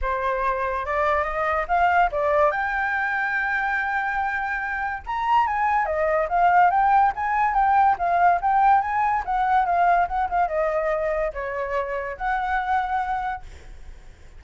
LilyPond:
\new Staff \with { instrumentName = "flute" } { \time 4/4 \tempo 4 = 143 c''2 d''4 dis''4 | f''4 d''4 g''2~ | g''1 | ais''4 gis''4 dis''4 f''4 |
g''4 gis''4 g''4 f''4 | g''4 gis''4 fis''4 f''4 | fis''8 f''8 dis''2 cis''4~ | cis''4 fis''2. | }